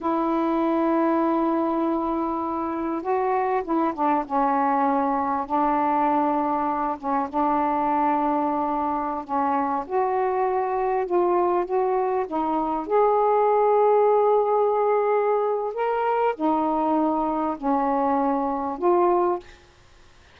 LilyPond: \new Staff \with { instrumentName = "saxophone" } { \time 4/4 \tempo 4 = 99 e'1~ | e'4 fis'4 e'8 d'8 cis'4~ | cis'4 d'2~ d'8 cis'8 | d'2.~ d'16 cis'8.~ |
cis'16 fis'2 f'4 fis'8.~ | fis'16 dis'4 gis'2~ gis'8.~ | gis'2 ais'4 dis'4~ | dis'4 cis'2 f'4 | }